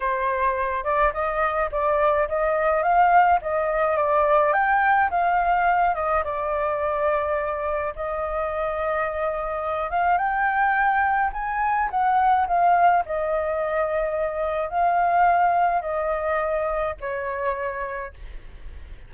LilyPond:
\new Staff \with { instrumentName = "flute" } { \time 4/4 \tempo 4 = 106 c''4. d''8 dis''4 d''4 | dis''4 f''4 dis''4 d''4 | g''4 f''4. dis''8 d''4~ | d''2 dis''2~ |
dis''4. f''8 g''2 | gis''4 fis''4 f''4 dis''4~ | dis''2 f''2 | dis''2 cis''2 | }